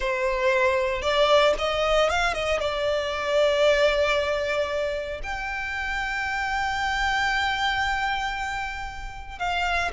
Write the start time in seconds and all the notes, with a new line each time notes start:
0.00 C5
1.02 D5
1.58 D#5
2.09 F5
2.33 D#5
2.59 D5
5.23 G5
9.39 F5